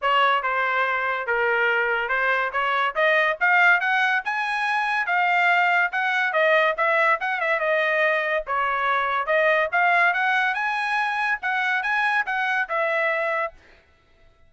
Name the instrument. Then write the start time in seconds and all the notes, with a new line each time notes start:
trumpet
0.01 C#5
0.42 C5
1.27 A#4
2.08 C5
2.52 C#5
2.95 D#5
3.40 F5
3.80 F#5
4.24 G#5
5.06 F5
5.92 F#5
6.32 D#5
6.77 E5
7.20 F#5
7.40 E5
7.59 D#5
8.46 C#5
9.26 D#5
9.72 F5
10.13 F#5
10.54 G#5
11.42 F#5
11.82 G#5
12.26 F#5
12.68 E5